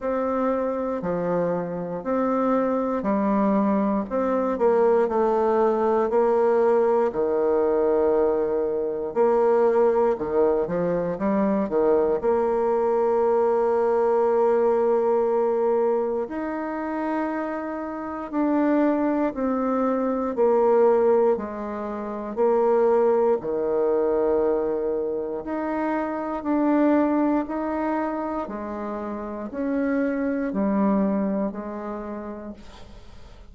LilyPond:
\new Staff \with { instrumentName = "bassoon" } { \time 4/4 \tempo 4 = 59 c'4 f4 c'4 g4 | c'8 ais8 a4 ais4 dis4~ | dis4 ais4 dis8 f8 g8 dis8 | ais1 |
dis'2 d'4 c'4 | ais4 gis4 ais4 dis4~ | dis4 dis'4 d'4 dis'4 | gis4 cis'4 g4 gis4 | }